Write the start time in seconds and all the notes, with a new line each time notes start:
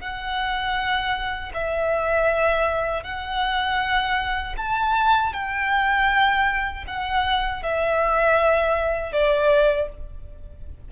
0.00 F#5
1.54 E5
3.03 F#5
4.57 A5
5.33 G5
6.87 F#5
7.63 E5
9.12 D5